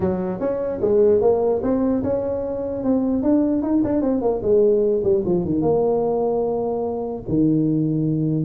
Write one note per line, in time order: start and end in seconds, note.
0.00 0.40 F#3
0.40 0.80 C#4
0.81 1.21 G#3
1.21 1.61 A#3
1.62 2.02 C4
2.03 2.83 C#4
2.83 3.22 C4
3.22 3.62 D4
3.62 3.82 D#4
3.84 4.01 D4
4.01 4.21 C4
4.21 4.41 A#3
4.42 5.02 G#3
5.03 5.23 G3
5.25 5.45 F3
5.45 5.61 D#3
5.61 7.22 A#3
7.28 8.44 D#3